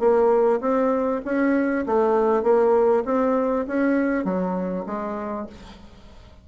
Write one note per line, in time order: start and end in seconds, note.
0.00 0.61 A#3
0.61 1.21 C4
1.25 1.86 C#4
1.87 2.43 A3
2.43 3.04 A#3
3.05 3.66 C4
3.68 4.25 C#4
4.25 4.85 F#3
4.87 5.47 G#3